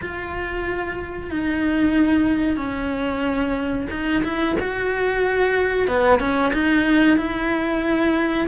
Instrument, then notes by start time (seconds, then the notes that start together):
cello
0.01 F4
1.30 D#4
2.56 C#4
3.90 D#4
4.23 E4
4.59 F#4
5.87 B3
6.19 C#4
6.53 D#4
7.17 E4